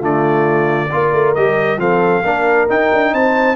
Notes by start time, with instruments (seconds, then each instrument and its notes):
0.00 tuba D3, trombone A3, horn F4, trumpet D5
0.91 tuba A#3, trombone F4, horn A#4
1.13 tuba A3
1.35 tuba G3, trombone G4, trumpet D#5
1.77 tuba F3, trombone C4, horn A4, trumpet F5
2.23 tuba A#3, trombone D4, horn A#4
2.68 trombone D#4, tuba D#4, trumpet G5
2.93 tuba D4
3.13 tuba C4, horn C5, trumpet A5